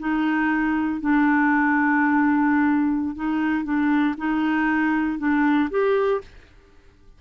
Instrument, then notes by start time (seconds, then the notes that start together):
clarinet
0.00 D#4
1.01 D4
3.16 D#4
3.65 D4
4.18 D#4
5.19 D4
5.71 G4